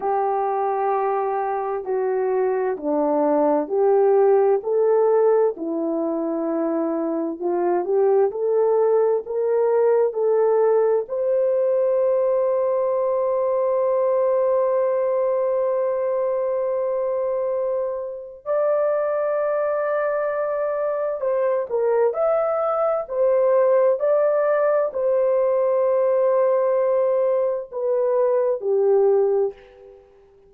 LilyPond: \new Staff \with { instrumentName = "horn" } { \time 4/4 \tempo 4 = 65 g'2 fis'4 d'4 | g'4 a'4 e'2 | f'8 g'8 a'4 ais'4 a'4 | c''1~ |
c''1 | d''2. c''8 ais'8 | e''4 c''4 d''4 c''4~ | c''2 b'4 g'4 | }